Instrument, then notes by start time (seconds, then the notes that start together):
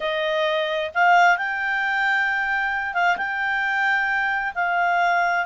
clarinet
0.00 D#5
0.94 F5
1.37 G5
2.94 F5
3.17 G5
4.54 F5